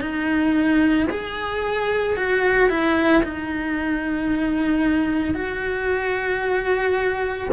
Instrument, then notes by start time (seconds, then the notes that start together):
cello
0.00 D#4
1.10 G#4
2.16 F#4
2.69 E4
3.23 D#4
5.34 F#4